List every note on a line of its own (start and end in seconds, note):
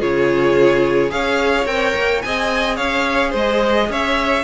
0.00 1.12 C#3
0.00 1.10 F4
0.00 1.11 G#4
0.00 1.11 C#5
1.10 1.66 C#4
1.10 1.65 G#4
1.10 2.25 C#5
1.10 1.67 F5
1.66 1.94 C4
1.66 2.22 A#4
1.66 2.22 G5
1.95 2.23 A#3
2.22 2.80 C4
2.22 4.44 G#4
2.22 2.77 D#5
2.22 2.76 G#5
2.76 3.34 C#4
2.76 3.30 C#5
2.76 3.32 F5
3.30 3.90 G#3
3.30 3.86 C5
3.36 3.92 D#5
3.90 4.44 C#4
3.90 4.44 C#5
3.90 4.44 E5